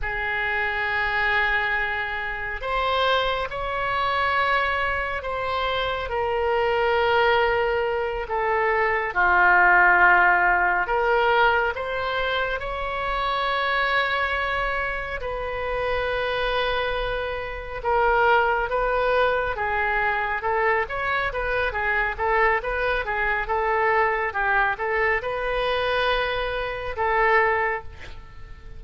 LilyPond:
\new Staff \with { instrumentName = "oboe" } { \time 4/4 \tempo 4 = 69 gis'2. c''4 | cis''2 c''4 ais'4~ | ais'4. a'4 f'4.~ | f'8 ais'4 c''4 cis''4.~ |
cis''4. b'2~ b'8~ | b'8 ais'4 b'4 gis'4 a'8 | cis''8 b'8 gis'8 a'8 b'8 gis'8 a'4 | g'8 a'8 b'2 a'4 | }